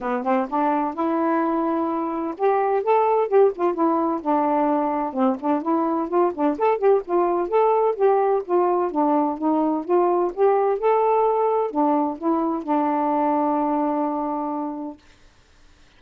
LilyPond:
\new Staff \with { instrumentName = "saxophone" } { \time 4/4 \tempo 4 = 128 b8 c'8 d'4 e'2~ | e'4 g'4 a'4 g'8 f'8 | e'4 d'2 c'8 d'8 | e'4 f'8 d'8 a'8 g'8 f'4 |
a'4 g'4 f'4 d'4 | dis'4 f'4 g'4 a'4~ | a'4 d'4 e'4 d'4~ | d'1 | }